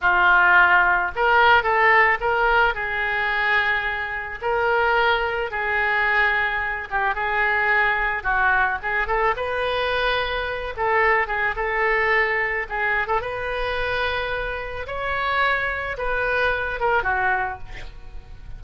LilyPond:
\new Staff \with { instrumentName = "oboe" } { \time 4/4 \tempo 4 = 109 f'2 ais'4 a'4 | ais'4 gis'2. | ais'2 gis'2~ | gis'8 g'8 gis'2 fis'4 |
gis'8 a'8 b'2~ b'8 a'8~ | a'8 gis'8 a'2 gis'8. a'16 | b'2. cis''4~ | cis''4 b'4. ais'8 fis'4 | }